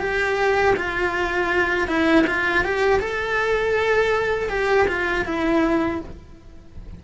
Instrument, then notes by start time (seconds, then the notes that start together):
cello
0.00 G4
0.76 F4
1.88 E4
2.27 F4
2.65 G4
3.00 A4
4.49 G4
4.88 F4
5.26 E4